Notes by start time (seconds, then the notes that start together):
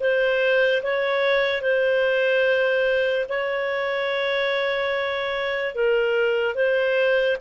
0.00 C5
0.83 C#5
1.61 C5
3.29 C#5
5.75 A#4
6.55 C5